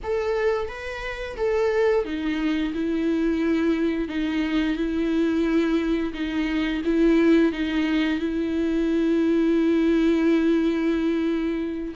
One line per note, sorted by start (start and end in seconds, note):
0.03 0.68 A4
0.68 1.36 B4
1.36 2.04 A4
2.04 2.72 D#4
2.73 4.08 E4
4.08 4.76 D#4
4.76 6.12 E4
6.13 6.82 D#4
6.84 7.52 E4
7.52 8.19 D#4
8.19 11.94 E4